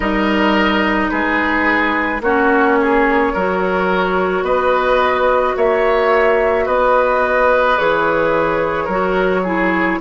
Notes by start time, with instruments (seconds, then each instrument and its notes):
0.00 bassoon G3, clarinet D#4, oboe A#4, flute D#5
1.09 bassoon G#3, oboe G#4, flute B4
2.20 bassoon A#3, clarinet C#4, oboe F#4, flute C#5
2.81 oboe G#4
3.33 bassoon F#3, clarinet F#4, oboe A#4
4.42 bassoon B3, oboe B4, flute D#5
5.56 bassoon A#3, oboe C#5, flute E5
6.65 bassoon B3, oboe B4, flute D#5
7.77 bassoon E3, clarinet G#4, flute C#5
8.84 bassoon F#3, clarinet F#4, oboe A#4
9.43 clarinet E4, oboe G#4